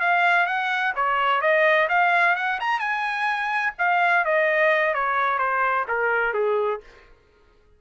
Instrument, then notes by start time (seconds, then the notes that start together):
trumpet
0.00 F5
0.46 F#5
0.96 C#5
1.41 D#5
1.89 F5
2.36 F#5
2.60 A#5
2.79 G#5
3.78 F5
4.25 D#5
4.94 C#5
5.38 C5
5.88 A#4
6.33 G#4